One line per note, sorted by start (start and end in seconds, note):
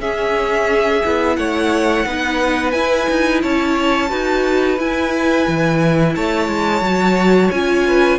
0.00 1.02 C#4
0.00 1.03 C#4
0.00 1.37 G#4
0.00 1.37 E5
1.05 1.38 B3
1.05 2.07 E4
1.37 2.06 A3
1.37 2.07 C#5
1.37 2.72 F#5
2.07 2.74 B3
2.07 2.73 D#4
2.07 3.42 B4
2.72 4.09 E4
2.72 3.08 E4
2.72 3.40 G#5
3.10 3.44 D#4
3.42 4.12 C#4
3.42 4.10 C#5
3.42 4.79 A5
4.09 4.79 D#4
4.09 4.77 F#4
4.09 6.14 B4
4.79 5.47 E4
4.79 6.83 E4
4.79 6.16 G#5
5.48 6.16 E3
6.16 6.49 A3
6.16 7.87 C#5
6.16 7.51 A5
6.49 6.82 G#3
6.82 7.50 F#3
6.82 7.53 F#4
7.51 8.19 C#4
7.51 8.19 F4
7.51 8.19 G#5
7.87 8.19 B4